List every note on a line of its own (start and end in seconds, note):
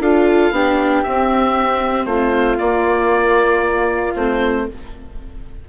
0.00 0.51 D4
0.00 0.54 F4
0.00 0.53 A4
0.00 1.03 F5
0.51 1.03 B3
0.51 1.05 D4
0.51 2.07 G4
1.03 2.59 C4
1.03 2.06 C4
1.03 2.06 E5
2.06 2.57 A3
2.06 4.65 F4
2.06 2.57 C5
2.58 4.14 A#3
2.58 4.15 A#3
2.58 4.13 D5
4.16 4.67 A3
4.16 4.69 C4
4.16 4.67 C5